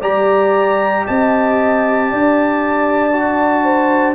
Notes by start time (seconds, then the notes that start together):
0.00 G3 G4 D5 A#5
1.05 C4 D#5 A5
2.10 D4 D5
3.12 F#4
3.63 C5